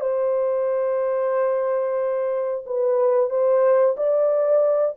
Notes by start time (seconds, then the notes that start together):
0.00 C5
2.66 B4
3.30 C5
3.97 D5